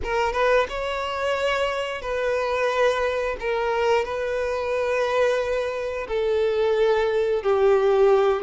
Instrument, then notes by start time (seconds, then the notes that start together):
violin
0.03 A#4
0.32 B4
0.68 C#5
2.01 B4
3.40 A#4
4.04 B4
6.08 A4
7.42 G4